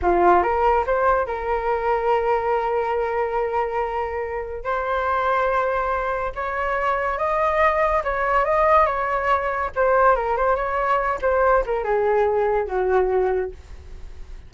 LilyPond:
\new Staff \with { instrumentName = "flute" } { \time 4/4 \tempo 4 = 142 f'4 ais'4 c''4 ais'4~ | ais'1~ | ais'2. c''4~ | c''2. cis''4~ |
cis''4 dis''2 cis''4 | dis''4 cis''2 c''4 | ais'8 c''8 cis''4. c''4 ais'8 | gis'2 fis'2 | }